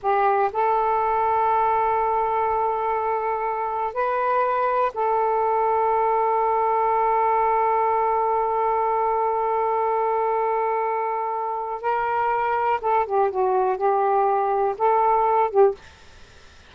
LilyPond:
\new Staff \with { instrumentName = "saxophone" } { \time 4/4 \tempo 4 = 122 g'4 a'2.~ | a'1 | b'2 a'2~ | a'1~ |
a'1~ | a'1 | ais'2 a'8 g'8 fis'4 | g'2 a'4. g'8 | }